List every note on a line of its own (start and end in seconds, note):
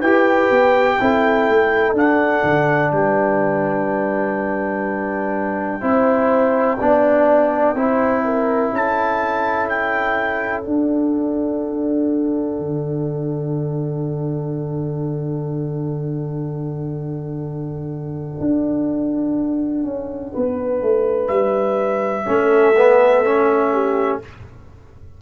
0.00 0.50 E4
0.00 1.00 G4
0.00 0.97 B4
0.00 1.94 G5
0.50 0.98 B3
1.00 1.49 C4
1.00 1.96 E4
1.00 2.92 A4
1.49 1.93 A3
1.93 2.42 D4
1.93 5.81 D4
1.93 2.91 F#5
2.44 2.92 D3
2.91 5.82 G3
2.91 5.81 B4
2.91 8.72 G5
5.81 6.79 C4
5.81 6.77 E4
5.81 6.77 C5
6.80 7.75 B3
6.80 7.76 D4
6.80 7.75 D5
7.75 8.71 C4
7.75 10.64 E4
7.75 8.23 C5
8.24 8.73 A#4
8.73 10.66 C#4
8.73 20.33 A4
8.73 9.69 A5
9.69 10.63 G5
10.63 22.25 D4
10.63 12.59 D4
10.63 21.27 F#5
12.59 18.40 D3
18.40 19.84 D4
19.84 20.32 C#4
20.33 20.82 B3
20.33 22.26 B4
20.82 21.29 A3
21.27 22.25 G3
21.27 24.18 E5
22.25 24.21 A3
22.25 22.74 C#4
22.25 23.72 A4
22.76 23.25 B3
23.25 24.22 C#4
23.72 24.21 G4